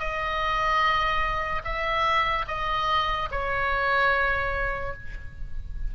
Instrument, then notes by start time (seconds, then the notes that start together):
oboe
0.00 D#5
1.65 E5
2.48 D#5
3.31 C#5